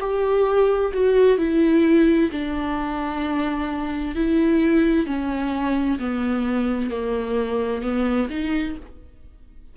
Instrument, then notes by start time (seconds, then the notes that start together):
viola
0.00 G4
0.93 F#4
1.38 E4
2.31 D4
4.15 E4
5.06 C#4
5.99 B3
6.91 A#3
7.82 B3
8.30 D#4